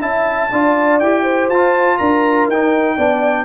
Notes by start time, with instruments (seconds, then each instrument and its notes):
0.00 tuba C#4, trombone E4, horn E5, trumpet A5
0.51 tuba D4, trombone F4, horn D5
0.99 tuba E4, trombone G4, trumpet G5
1.22 horn C5
1.49 tuba F4, trombone F4, trumpet A5
1.98 tuba D4, horn A#4, trumpet A#5
2.47 tuba D#4, trombone D#4, trumpet G5
2.96 tuba B3, trombone D4, horn D5